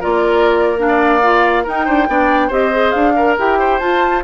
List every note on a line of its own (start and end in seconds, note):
0.00 1.67 A#3
0.00 0.77 F4
0.00 0.86 A#4
0.00 0.78 D5
0.77 1.20 D4
0.77 1.66 F5
0.89 1.64 D5
1.22 1.65 F4
1.64 2.08 D#4
1.64 1.88 D#4
1.64 1.85 A#4
1.64 2.53 G5
1.85 2.08 D4
1.85 2.07 C5
2.08 2.51 B3
2.08 2.51 D4
2.08 2.48 D5
2.48 2.94 C4
2.48 2.72 G4
2.48 3.13 C5
2.48 2.92 D#5
2.72 3.15 G#4
2.92 3.37 D4
2.92 3.35 F5
3.16 3.59 A#4
3.16 3.39 A#4
3.38 3.81 E4
3.38 3.81 G4
3.38 3.79 G5
3.59 4.24 C5
3.79 4.24 F4
3.79 4.23 A5